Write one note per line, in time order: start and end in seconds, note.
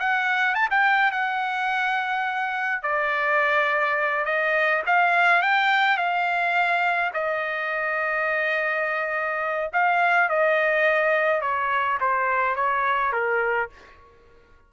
0.00 0.55 F#5
0.55 0.69 A5
0.70 1.12 G5
1.12 2.83 F#5
2.83 4.25 D5
4.25 4.83 D#5
4.86 5.42 F5
5.42 5.97 G5
5.97 7.11 F5
7.14 9.71 D#5
9.73 10.30 F5
10.30 11.42 D#5
11.42 11.99 C#5
12.01 12.56 C5
12.56 13.12 C#5
13.12 13.70 A#4